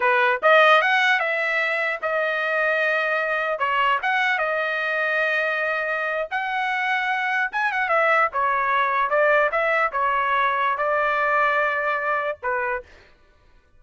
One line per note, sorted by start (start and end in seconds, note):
0.00 0.40 B4
0.42 0.81 D#5
0.81 1.19 F#5
1.19 1.99 E5
2.01 3.58 D#5
3.58 3.98 C#5
4.02 4.38 F#5
4.38 6.28 D#5
6.31 7.51 F#5
7.52 7.72 G#5
7.72 7.89 F#5
7.89 8.29 E5
8.32 9.09 C#5
9.09 9.49 D5
9.51 9.91 E5
9.92 10.77 C#5
10.77 12.37 D5
12.42 12.82 B4